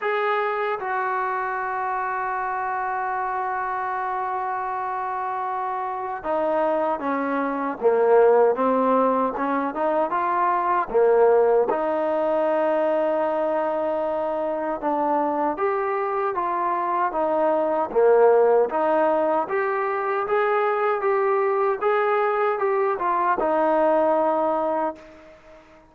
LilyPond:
\new Staff \with { instrumentName = "trombone" } { \time 4/4 \tempo 4 = 77 gis'4 fis'2.~ | fis'1 | dis'4 cis'4 ais4 c'4 | cis'8 dis'8 f'4 ais4 dis'4~ |
dis'2. d'4 | g'4 f'4 dis'4 ais4 | dis'4 g'4 gis'4 g'4 | gis'4 g'8 f'8 dis'2 | }